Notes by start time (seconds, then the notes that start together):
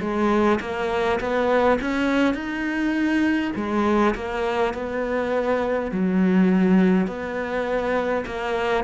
0.00 G#3
0.60 A#3
1.20 B3
1.81 C#4
2.34 D#4
3.55 G#3
4.14 A#3
4.73 B3
5.91 F#3
7.07 B3
8.26 A#3